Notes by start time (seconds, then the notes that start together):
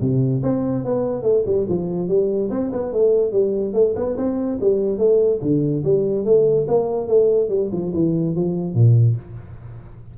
0.00 C3
0.42 C4
0.84 B3
1.22 A3
1.45 G3
1.68 F3
2.08 G3
2.50 C4
2.72 B3
2.92 A3
3.31 G3
3.73 A3
3.95 B3
4.17 C4
4.60 G3
4.98 A3
5.41 D3
5.84 G3
6.25 A3
6.67 A#3
7.07 A3
7.49 G3
7.72 F3
7.93 E3
8.35 F3
8.74 A#2